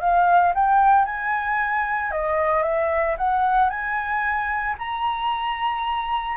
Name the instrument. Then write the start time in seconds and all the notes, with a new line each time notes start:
flute
0.00 F5
0.54 G5
1.05 G#5
2.11 D#5
2.63 E5
3.17 F#5
3.69 G#5
4.78 A#5